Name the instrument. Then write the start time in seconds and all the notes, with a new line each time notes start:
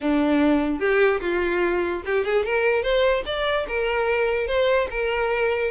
violin
0.00 D4
0.79 G4
1.20 F4
2.05 G4
2.24 G#4
2.45 A#4
2.82 C5
3.25 D5
3.68 A#4
4.47 C5
4.90 A#4